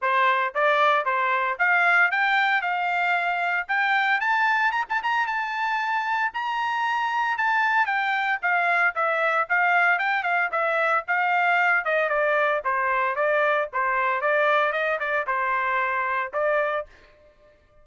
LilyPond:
\new Staff \with { instrumentName = "trumpet" } { \time 4/4 \tempo 4 = 114 c''4 d''4 c''4 f''4 | g''4 f''2 g''4 | a''4 ais''16 a''16 ais''8 a''2 | ais''2 a''4 g''4 |
f''4 e''4 f''4 g''8 f''8 | e''4 f''4. dis''8 d''4 | c''4 d''4 c''4 d''4 | dis''8 d''8 c''2 d''4 | }